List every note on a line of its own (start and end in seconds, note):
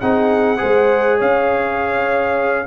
0.00 0.61 C4
0.00 0.57 D#4
0.00 0.59 G#4
0.00 1.19 F#5
0.57 1.21 G#3
0.57 2.65 G#4
0.57 1.18 C5
1.18 2.67 C#4
1.18 2.66 C#5
1.18 2.67 F5